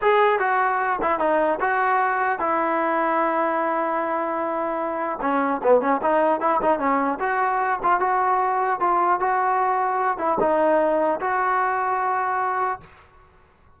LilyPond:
\new Staff \with { instrumentName = "trombone" } { \time 4/4 \tempo 4 = 150 gis'4 fis'4. e'8 dis'4 | fis'2 e'2~ | e'1~ | e'4 cis'4 b8 cis'8 dis'4 |
e'8 dis'8 cis'4 fis'4. f'8 | fis'2 f'4 fis'4~ | fis'4. e'8 dis'2 | fis'1 | }